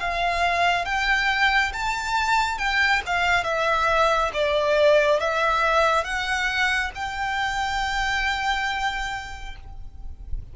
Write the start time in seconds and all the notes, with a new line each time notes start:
0.00 F5
0.86 G5
1.74 A5
2.59 G5
3.07 F5
3.44 E5
4.34 D5
5.20 E5
6.05 F#5
6.96 G5